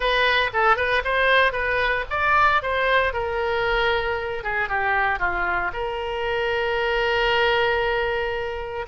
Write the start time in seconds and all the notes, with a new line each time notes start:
0.00 B4
0.53 A4
0.76 B4
1.04 C5
1.52 B4
2.10 D5
2.62 C5
3.13 A#4
4.43 G#4
4.68 G4
5.19 F4
5.72 A#4